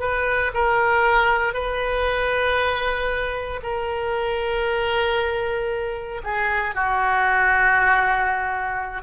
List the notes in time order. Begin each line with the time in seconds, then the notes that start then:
0.00 B4
0.55 A#4
1.54 B4
3.63 A#4
6.24 G#4
6.75 F#4